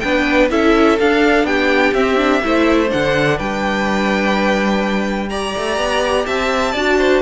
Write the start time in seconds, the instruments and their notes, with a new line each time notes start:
0.00 cello B3, viola D4, violin B4 G5
0.50 cello C#4, viola E4, violin A4 E5
0.99 cello D4, viola D4, violin F5
1.43 cello B3, violin G4 G5
1.94 cello C4, viola C4, violin E5
2.17 viola D4
2.43 cello A3, viola E4, violin C5
2.87 viola D4, violin F#5
2.94 cello D3
3.37 cello G3, violin B4 G5
5.29 viola G4, violin D5 A#5
5.57 cello A3
5.77 cello B3
6.26 cello C4, violin E5 A5
6.72 cello D4, viola F#4, violin D5
6.98 violin C5